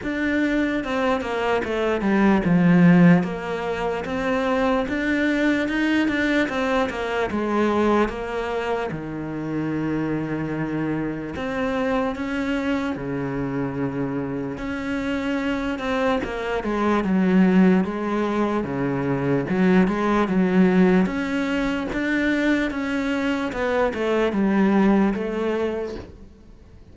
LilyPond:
\new Staff \with { instrumentName = "cello" } { \time 4/4 \tempo 4 = 74 d'4 c'8 ais8 a8 g8 f4 | ais4 c'4 d'4 dis'8 d'8 | c'8 ais8 gis4 ais4 dis4~ | dis2 c'4 cis'4 |
cis2 cis'4. c'8 | ais8 gis8 fis4 gis4 cis4 | fis8 gis8 fis4 cis'4 d'4 | cis'4 b8 a8 g4 a4 | }